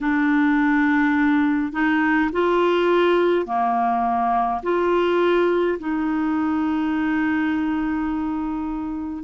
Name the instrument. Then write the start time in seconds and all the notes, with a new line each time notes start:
clarinet
0.01 D4
1.72 D#4
2.32 F4
3.46 A#3
4.63 F4
5.78 D#4